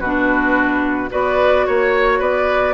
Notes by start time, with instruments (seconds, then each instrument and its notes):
0.00 bassoon B2, clarinet D4, oboe F#4, flute B4
1.10 bassoon B3, clarinet F#4, oboe B4, flute D5
1.67 bassoon A#3, flute C#5, oboe C#5
2.19 bassoon B3, oboe B4, flute D5